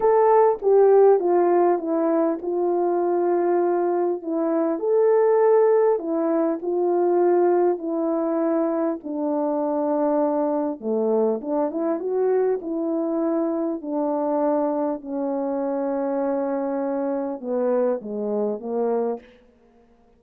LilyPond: \new Staff \with { instrumentName = "horn" } { \time 4/4 \tempo 4 = 100 a'4 g'4 f'4 e'4 | f'2. e'4 | a'2 e'4 f'4~ | f'4 e'2 d'4~ |
d'2 a4 d'8 e'8 | fis'4 e'2 d'4~ | d'4 cis'2.~ | cis'4 b4 gis4 ais4 | }